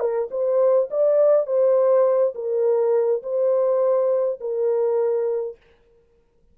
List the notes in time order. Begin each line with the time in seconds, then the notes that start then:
0.00 A#4
0.31 C5
0.91 D5
1.47 C5
2.35 A#4
3.23 C5
4.41 A#4